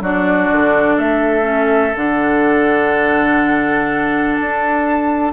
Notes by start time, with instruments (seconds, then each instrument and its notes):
0.00 bassoon F#3, clarinet D4, oboe F#4, flute D5
0.51 bassoon D3
0.96 bassoon A3, oboe A4, flute E5
1.42 clarinet C#4
1.95 bassoon D3, clarinet D4, flute F#5
4.35 bassoon D4, flute A5